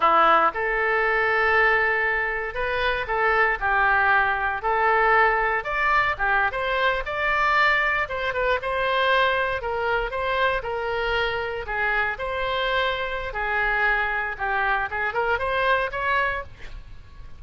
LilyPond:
\new Staff \with { instrumentName = "oboe" } { \time 4/4 \tempo 4 = 117 e'4 a'2.~ | a'4 b'4 a'4 g'4~ | g'4 a'2 d''4 | g'8. c''4 d''2 c''16~ |
c''16 b'8 c''2 ais'4 c''16~ | c''8. ais'2 gis'4 c''16~ | c''2 gis'2 | g'4 gis'8 ais'8 c''4 cis''4 | }